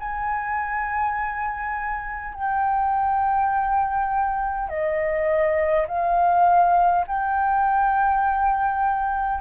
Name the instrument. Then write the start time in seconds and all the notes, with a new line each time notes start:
flute
0.00 G#5
2.34 G5
4.69 D#5
5.88 F5
7.07 G5